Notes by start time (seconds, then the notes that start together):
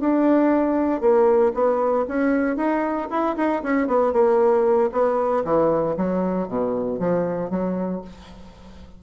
0.00 D4
1.01 A#3
1.54 B3
2.08 C#4
2.57 D#4
3.10 E4
3.37 D#4
3.63 C#4
3.87 B3
4.13 A#3
4.92 B3
5.45 E3
5.97 F#3
6.48 B2
6.99 F3
7.50 F#3